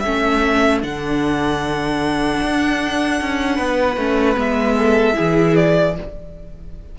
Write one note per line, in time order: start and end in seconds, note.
0.00 0.83 A3
0.00 0.81 C#4
0.00 3.56 A4
0.00 0.79 E5
0.81 2.41 D3
0.81 3.97 D4
0.81 4.39 F#5
2.42 3.21 D4
3.21 3.59 C#4
3.56 3.97 B3
3.56 4.74 B4
3.97 4.37 A3
3.97 4.36 C#4
4.36 5.16 G#3
4.36 5.14 B3
4.36 5.56 E5
4.78 5.17 A4
5.14 5.93 E4
5.14 5.96 G#4
5.20 5.99 E3
5.56 5.96 D5